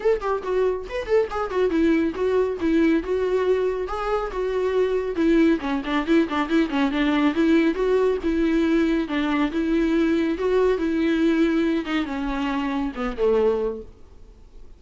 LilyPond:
\new Staff \with { instrumentName = "viola" } { \time 4/4 \tempo 4 = 139 a'8 g'8 fis'4 b'8 a'8 gis'8 fis'8 | e'4 fis'4 e'4 fis'4~ | fis'4 gis'4 fis'2 | e'4 cis'8 d'8 e'8 d'8 e'8 cis'8 |
d'4 e'4 fis'4 e'4~ | e'4 d'4 e'2 | fis'4 e'2~ e'8 dis'8 | cis'2 b8 a4. | }